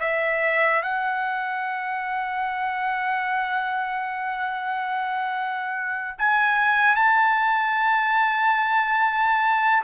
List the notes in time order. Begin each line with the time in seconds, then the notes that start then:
0.00 E5
0.82 F#5
6.18 G#5
6.96 A5